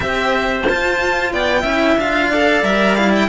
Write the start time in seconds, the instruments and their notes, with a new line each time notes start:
0.00 cello C4 G4, clarinet C5, violin E5
0.68 cello F4, violin A5
1.32 cello B3, clarinet D5, violin G5
1.60 cello C#4 E4, clarinet E5
1.96 cello D4 F4, violin F5
2.30 cello A4, clarinet D5
2.62 cello G3 A#4, violin E5
2.94 cello E4, violin F5
3.15 violin G5